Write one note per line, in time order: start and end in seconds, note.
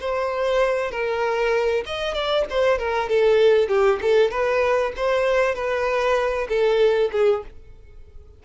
0.00 0.91 C5
0.91 1.84 A#4
1.86 2.14 D#5
2.14 2.45 D5
2.50 2.78 C5
2.78 3.09 A#4
3.09 3.69 A4
3.69 4.00 G4
4.01 4.31 A4
4.31 4.93 B4
4.97 5.55 C5
5.55 6.48 B4
6.49 7.10 A4
7.12 7.43 G#4